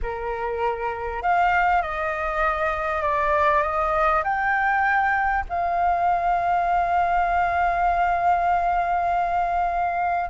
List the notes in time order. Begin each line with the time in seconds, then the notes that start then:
0.02 A#4
1.22 F5
1.82 D#5
3.02 D5
3.62 D#5
4.23 G5
5.48 F5